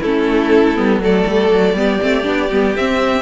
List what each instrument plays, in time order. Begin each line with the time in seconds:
0.00 cello A3, viola C#4, violin E4 A4
0.76 cello G3, viola B3
0.99 cello F#3, viola A3, violin A4 D5
1.26 cello G3
1.51 cello F#3
1.74 cello G3, viola B3, violin G4
2.01 cello A3, viola C4
2.24 cello B3, viola D4
2.51 cello G3, viola B3
2.76 cello C4, viola C4, violin E5